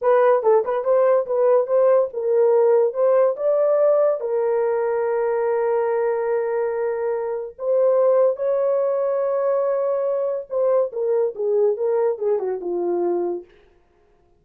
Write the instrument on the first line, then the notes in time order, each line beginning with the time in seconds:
horn
0.01 B4
0.43 A4
0.64 B4
0.84 C5
1.26 B4
1.66 C5
2.13 A#4
2.93 C5
3.36 D5
4.20 A#4
7.58 C5
8.36 C#5
10.49 C5
10.92 A#4
11.35 G#4
11.76 A#4
12.18 G#4
12.39 F#4
12.61 F4